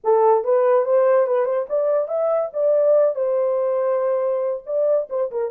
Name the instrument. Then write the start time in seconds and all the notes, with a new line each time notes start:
horn
0.03 A4
0.44 B4
0.85 C5
1.27 B4
1.45 C5
1.69 D5
2.08 E5
2.53 D5
3.15 C5
4.66 D5
5.09 C5
5.31 A#4